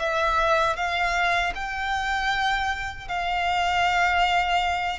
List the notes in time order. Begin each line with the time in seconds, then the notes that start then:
0.00 E5
0.77 F5
1.55 G5
3.09 F5